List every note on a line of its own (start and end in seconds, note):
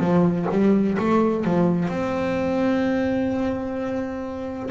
0.00 0.47 F3
0.51 0.98 G3
0.99 1.45 A3
1.45 1.89 F3
1.89 4.70 C4